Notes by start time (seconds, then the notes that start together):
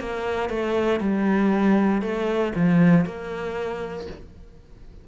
0.00 A#3
0.50 A3
1.01 G3
2.02 A3
2.56 F3
3.06 A#3